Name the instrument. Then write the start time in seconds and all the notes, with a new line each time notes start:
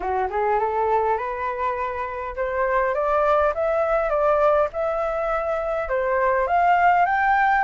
flute
0.00 F#4
0.30 G#4
0.59 A4
1.17 B4
2.35 C5
2.94 D5
3.54 E5
4.09 D5
4.72 E5
5.88 C5
6.47 F5
7.05 G5